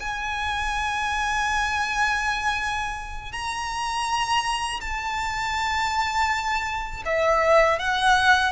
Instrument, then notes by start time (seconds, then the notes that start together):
violin
0.00 G#5
3.32 A#5
4.81 A5
7.06 E5
7.79 F#5